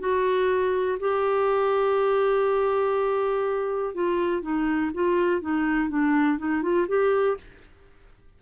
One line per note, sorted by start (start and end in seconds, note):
0.00 0.98 F#4
1.00 3.95 G4
3.95 4.42 F4
4.42 4.91 D#4
4.94 5.42 F4
5.42 5.90 D#4
5.90 6.39 D4
6.39 6.63 D#4
6.63 6.87 F4
6.88 7.37 G4